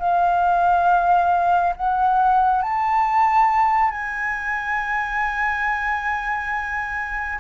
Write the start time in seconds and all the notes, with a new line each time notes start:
0.00 F5
1.77 F#5
2.63 A5
3.92 G#5